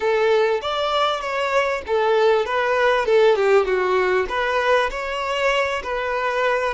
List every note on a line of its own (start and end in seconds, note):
0.00 0.61 A4
0.61 1.20 D5
1.20 1.81 C#5
1.86 2.45 A4
2.45 3.05 B4
3.05 3.35 A4
3.35 3.65 G4
3.65 4.26 F#4
4.29 4.90 B4
4.90 5.82 C#5
5.83 6.74 B4